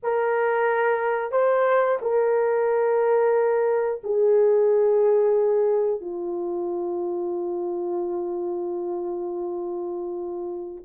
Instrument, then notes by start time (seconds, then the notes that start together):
horn
0.02 A#4
1.31 C5
2.01 A#4
4.03 G#4
6.00 F4